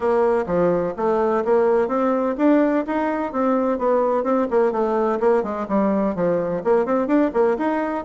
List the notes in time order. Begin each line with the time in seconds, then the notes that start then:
0.00 A#3
0.46 F3
0.96 A3
1.44 A#3
1.88 C4
2.37 D4
2.86 D#4
3.32 C4
3.78 B3
4.23 C4
4.50 A#3
4.72 A3
5.19 A#3
5.43 G#3
5.68 G3
6.15 F3
6.64 A#3
6.85 C4
7.07 D4
7.33 A#3
7.57 D#4